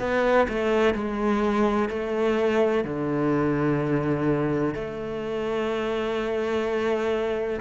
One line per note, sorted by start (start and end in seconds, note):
0.00 0.48 B3
0.49 0.94 A3
0.94 1.90 G#3
1.90 2.85 A3
2.85 4.75 D3
4.75 7.61 A3